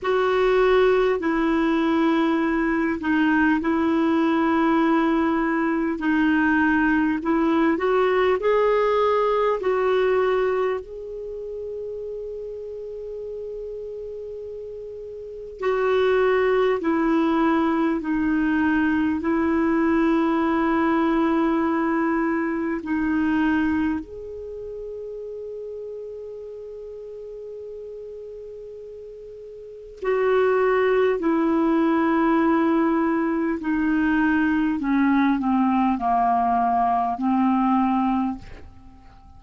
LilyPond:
\new Staff \with { instrumentName = "clarinet" } { \time 4/4 \tempo 4 = 50 fis'4 e'4. dis'8 e'4~ | e'4 dis'4 e'8 fis'8 gis'4 | fis'4 gis'2.~ | gis'4 fis'4 e'4 dis'4 |
e'2. dis'4 | gis'1~ | gis'4 fis'4 e'2 | dis'4 cis'8 c'8 ais4 c'4 | }